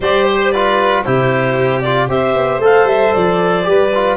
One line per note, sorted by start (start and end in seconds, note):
0.00 1.04 G3
0.00 0.54 G4
0.00 0.52 C5
0.00 0.25 D5
0.25 0.51 C5
0.51 1.05 F4
0.51 1.04 B4
0.51 1.03 D5
1.04 2.08 C3
1.04 1.83 E4
1.04 2.10 G4
1.04 1.81 C5
1.81 2.09 F4
1.81 2.07 D5
2.08 2.34 C4
2.08 2.61 G4
2.08 3.68 C5
2.08 2.61 E5
2.34 2.58 B3
2.58 2.84 A3
2.58 3.63 A4
2.58 2.87 F5
2.84 3.10 G3
2.84 3.13 E5
3.13 3.67 F3
3.13 4.17 D5
3.63 4.17 G3
3.63 3.89 G4
3.63 4.17 B4
3.94 4.17 F4